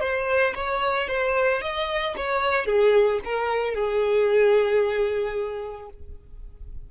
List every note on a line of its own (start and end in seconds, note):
0.00 0.54 C5
0.55 1.07 C#5
1.07 1.61 C5
1.61 2.15 D#5
2.16 2.65 C#5
2.65 3.19 G#4
3.24 3.74 A#4
3.74 5.89 G#4